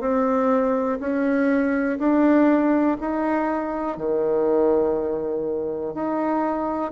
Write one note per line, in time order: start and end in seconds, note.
0.00 0.98 C4
1.00 1.98 C#4
1.99 2.97 D4
3.00 3.97 D#4
3.97 5.94 D#3
5.94 6.92 D#4